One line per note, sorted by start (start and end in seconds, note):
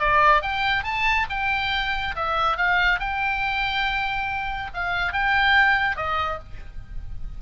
0.00 0.42 D5
0.42 0.84 G5
0.84 1.27 A5
1.30 2.16 G5
2.16 2.58 E5
2.58 3.00 F5
3.00 4.71 G5
4.75 5.13 F5
5.13 5.97 G5
5.97 6.40 D#5